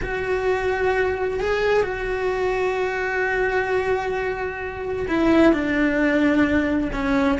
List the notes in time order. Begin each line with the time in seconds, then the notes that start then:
0.01 F#4
1.40 G#4
1.83 F#4
5.07 E4
5.53 D4
6.92 C#4